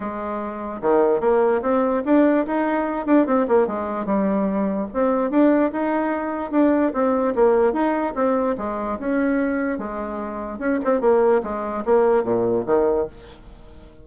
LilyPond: \new Staff \with { instrumentName = "bassoon" } { \time 4/4 \tempo 4 = 147 gis2 dis4 ais4 | c'4 d'4 dis'4. d'8 | c'8 ais8 gis4 g2 | c'4 d'4 dis'2 |
d'4 c'4 ais4 dis'4 | c'4 gis4 cis'2 | gis2 cis'8 c'8 ais4 | gis4 ais4 ais,4 dis4 | }